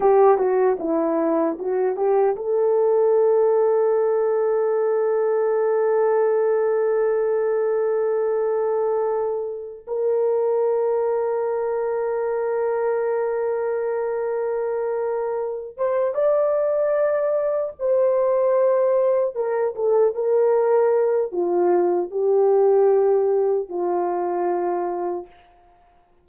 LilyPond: \new Staff \with { instrumentName = "horn" } { \time 4/4 \tempo 4 = 76 g'8 fis'8 e'4 fis'8 g'8 a'4~ | a'1~ | a'1~ | a'8 ais'2.~ ais'8~ |
ais'1 | c''8 d''2 c''4.~ | c''8 ais'8 a'8 ais'4. f'4 | g'2 f'2 | }